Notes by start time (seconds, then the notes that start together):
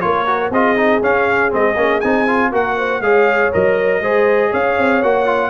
0.00 A#3 F4 A#4 C#5
0.26 F#4
0.50 C4 F4 G#4 D#5
0.76 D#4
1.01 C#4 F5
1.49 G#3 C4 D#5
1.76 A#3 C#4
2.00 C4 D#4 G#5
2.27 F4
2.51 A#3 F#4 A#4 F#5
2.77 C5
3.00 G#3 G#4 C#5 F5
3.52 F#3 A#4 D#5
4.00 G#3 G#4 C5
4.49 C#4 C#5 F5
4.78 C4
5.02 A#3 F#4 F#5
5.25 F4